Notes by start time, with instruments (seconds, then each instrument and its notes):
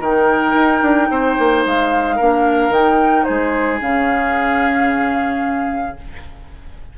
0.00 bassoon D#3, clarinet D#4, oboe A#4, flute G5
0.54 bassoon D#4
0.82 bassoon D4
1.10 bassoon C4, oboe C5
1.39 bassoon A#3
1.66 bassoon G#3, flute F5
2.16 bassoon A#3, clarinet D4, oboe A#4
2.70 bassoon D#3, clarinet D#4, flute G5
3.24 bassoon G#3, oboe G#4, flute C5
3.80 bassoon C#3, clarinet C#4, flute F5